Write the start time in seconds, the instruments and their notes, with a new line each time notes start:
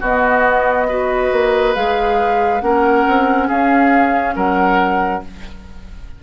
0.00 bassoon B3, clarinet B3, oboe F#4, flute D#5
0.88 clarinet F#4, oboe B4
1.32 bassoon A#3
1.75 bassoon G#3, clarinet G#4, flute F5
2.61 bassoon A#3, clarinet C#4, oboe A#4, flute F#5
3.08 bassoon C4
3.48 bassoon C#4, oboe G#4, flute F5
4.36 bassoon F#3, oboe A#4, flute F#5